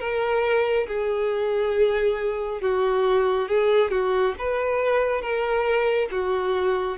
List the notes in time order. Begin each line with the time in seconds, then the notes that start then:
0.00 A#4
0.88 G#4
2.62 F#4
3.49 G#4
3.91 F#4
4.39 B4
5.22 A#4
6.11 F#4